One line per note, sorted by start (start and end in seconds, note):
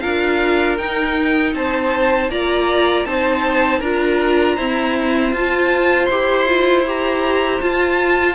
0.00 0.78 D4
0.00 0.77 F4
0.00 1.54 A#4
0.00 0.76 F5
0.78 1.53 D#4
0.78 2.31 D#4
0.78 1.54 G5
1.53 2.29 C4
1.53 2.31 C5
1.53 2.30 A5
2.29 3.05 A#3
2.29 3.06 F4
2.29 3.06 D5
2.29 3.06 A#5
3.05 3.81 C4
3.05 3.81 D#4
3.05 3.79 C5
3.05 3.81 A5
3.79 4.57 D4
3.79 4.59 F4
3.79 4.55 A#4
3.79 5.33 A#5
4.55 5.35 C4
4.55 5.32 E4
4.55 8.35 C5
5.32 6.08 F4
5.32 6.11 F4
5.32 6.05 A5
6.05 7.60 E4
6.05 6.47 G4
6.05 6.81 C6
6.47 6.85 F4
6.86 7.61 G4
6.86 7.61 A#5
7.61 8.35 F4
7.61 8.35 A5